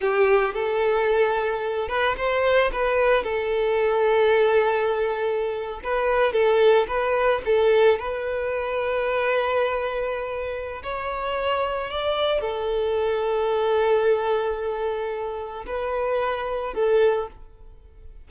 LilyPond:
\new Staff \with { instrumentName = "violin" } { \time 4/4 \tempo 4 = 111 g'4 a'2~ a'8 b'8 | c''4 b'4 a'2~ | a'2~ a'8. b'4 a'16~ | a'8. b'4 a'4 b'4~ b'16~ |
b'1 | cis''2 d''4 a'4~ | a'1~ | a'4 b'2 a'4 | }